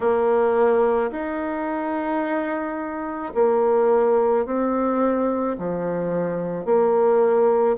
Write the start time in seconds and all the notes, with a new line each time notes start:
0.00 A#3
1.11 D#4
3.34 A#3
4.45 C4
5.58 F3
6.65 A#3